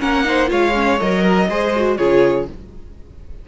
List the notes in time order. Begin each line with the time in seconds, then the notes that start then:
0.00 A#3 C#4 A#4 F#5
0.25 D#4 C5
0.47 G#3 F4 C#5 F5
0.75 C#4
1.00 F#3 A#4 D#5
1.22 A#4
1.49 G#3 G#4 C5
1.76 F#4
1.97 C#3 F4 G#4 C#5